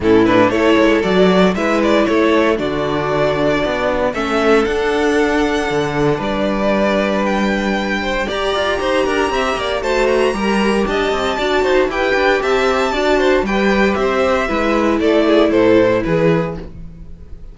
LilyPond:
<<
  \new Staff \with { instrumentName = "violin" } { \time 4/4 \tempo 4 = 116 a'8 b'8 cis''4 d''4 e''8 d''8 | cis''4 d''2. | e''4 fis''2. | d''2 g''2 |
ais''2. a''8 ais''8~ | ais''4 a''2 g''4 | a''2 g''4 e''4~ | e''4 d''4 c''4 b'4 | }
  \new Staff \with { instrumentName = "violin" } { \time 4/4 e'4 a'2 b'4 | a'4 fis'2. | a'1 | b'2.~ b'8 c''8 |
d''4 c''8 ais'8 e''8 d''8 c''4 | ais'4 dis''4 d''8 c''8 b'4 | e''4 d''8 c''8 b'4 c''4 | b'4 a'8 gis'8 a'4 gis'4 | }
  \new Staff \with { instrumentName = "viola" } { \time 4/4 cis'8 d'8 e'4 fis'4 e'4~ | e'4 d'2. | cis'4 d'2.~ | d'1 |
g'2. fis'4 | g'2 fis'4 g'4~ | g'4 fis'4 g'2 | e'1 | }
  \new Staff \with { instrumentName = "cello" } { \time 4/4 a,4 a8 gis8 fis4 gis4 | a4 d2 b4 | a4 d'2 d4 | g1 |
g'8 f'8 dis'8 d'8 c'8 ais8 a4 | g4 d'8 c'8 d'8 dis'8 e'8 d'8 | c'4 d'4 g4 c'4 | gis4 a4 a,4 e4 | }
>>